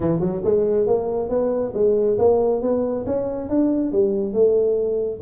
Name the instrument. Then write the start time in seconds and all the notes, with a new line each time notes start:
tuba
0.00 E3
0.20 F#3
0.44 G#3
0.87 A#3
1.29 B3
1.74 G#3
2.18 A#3
2.61 B3
3.06 C#4
3.49 D4
3.92 G3
4.33 A3